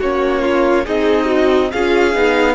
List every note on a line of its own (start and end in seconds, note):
0.00 0.87 A#3
0.00 0.86 C#4
0.00 0.42 F#4
0.00 0.86 C#5
0.42 0.85 F4
0.86 1.73 C4
0.86 1.72 D#4
0.86 1.25 G#4
0.86 1.72 D#5
1.25 1.68 F#4
1.72 2.15 C#4
1.72 2.13 F4
1.72 2.56 G#4
1.72 2.56 F5
2.13 2.56 B3
2.13 2.56 D#4